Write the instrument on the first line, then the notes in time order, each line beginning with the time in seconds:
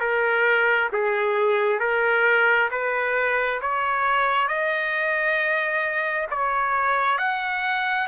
trumpet
0.00 A#4
0.93 G#4
1.80 A#4
2.71 B4
3.61 C#5
4.48 D#5
6.31 C#5
7.18 F#5